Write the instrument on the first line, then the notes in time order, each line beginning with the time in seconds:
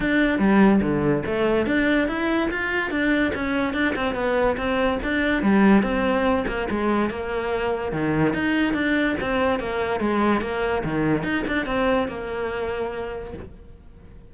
cello
0.00 D4
0.39 G3
0.81 D3
1.26 A3
1.66 D4
2.07 E4
2.51 F4
2.90 D4
3.34 C#4
3.73 D4
3.95 C4
4.14 B3
4.57 C4
5.03 D4
5.42 G3
5.82 C4
6.47 A#3
6.70 G#3
7.10 A#3
7.91 D#3
8.33 D#4
8.73 D4
9.20 C4
9.59 A#3
10.00 G#3
10.41 A#3
10.84 D#3
11.23 D#4
11.47 D4
11.66 C4
12.08 A#3